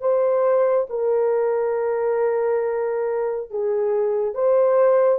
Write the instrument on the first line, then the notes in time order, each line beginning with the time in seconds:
horn
0.00 C5
0.89 A#4
3.50 G#4
4.34 C5